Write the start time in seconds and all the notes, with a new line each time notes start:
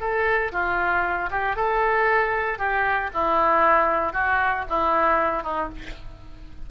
0.00 A4
0.52 F4
1.31 G4
1.56 A4
2.58 G4
3.14 E4
4.13 F#4
4.69 E4
5.43 D#4